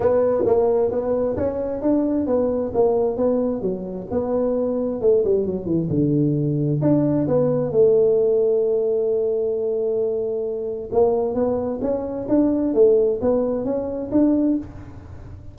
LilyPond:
\new Staff \with { instrumentName = "tuba" } { \time 4/4 \tempo 4 = 132 b4 ais4 b4 cis'4 | d'4 b4 ais4 b4 | fis4 b2 a8 g8 | fis8 e8 d2 d'4 |
b4 a2.~ | a1 | ais4 b4 cis'4 d'4 | a4 b4 cis'4 d'4 | }